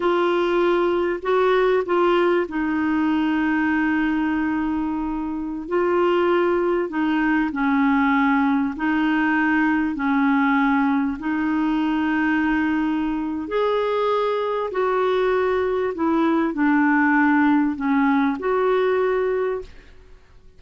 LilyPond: \new Staff \with { instrumentName = "clarinet" } { \time 4/4 \tempo 4 = 98 f'2 fis'4 f'4 | dis'1~ | dis'4~ dis'16 f'2 dis'8.~ | dis'16 cis'2 dis'4.~ dis'16~ |
dis'16 cis'2 dis'4.~ dis'16~ | dis'2 gis'2 | fis'2 e'4 d'4~ | d'4 cis'4 fis'2 | }